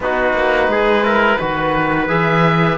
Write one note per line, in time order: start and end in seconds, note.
0.00 0.33 B3
0.00 1.04 D#4
0.00 0.71 F#4
0.00 2.08 B4
0.33 0.67 A#3
0.67 1.37 G#3
0.67 1.03 G#4
1.03 1.39 E4
1.03 1.38 A#4
1.39 2.08 D#3
1.39 2.08 F#4
1.39 2.77 B4
2.08 2.77 E3
2.08 2.77 G#4
2.08 2.77 E5